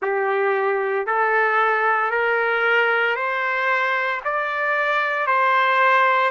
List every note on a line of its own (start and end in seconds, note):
0.02 1.06 G4
1.06 2.11 A4
2.11 3.15 A#4
3.15 4.21 C5
4.24 5.26 D5
5.26 6.30 C5